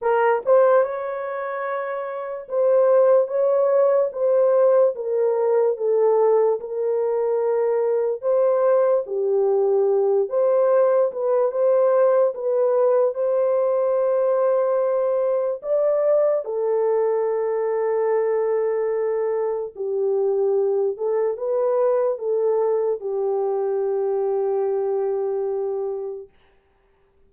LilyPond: \new Staff \with { instrumentName = "horn" } { \time 4/4 \tempo 4 = 73 ais'8 c''8 cis''2 c''4 | cis''4 c''4 ais'4 a'4 | ais'2 c''4 g'4~ | g'8 c''4 b'8 c''4 b'4 |
c''2. d''4 | a'1 | g'4. a'8 b'4 a'4 | g'1 | }